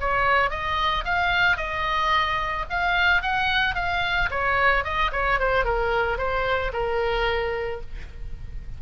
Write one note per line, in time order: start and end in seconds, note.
0.00 0.50 C#5
0.50 1.04 D#5
1.04 1.57 F5
1.57 2.65 D#5
2.69 3.22 F5
3.22 3.75 F#5
3.75 4.29 F5
4.30 4.84 C#5
4.84 5.11 D#5
5.12 5.39 C#5
5.39 5.65 C5
5.65 6.17 A#4
6.17 6.71 C5
6.73 7.81 A#4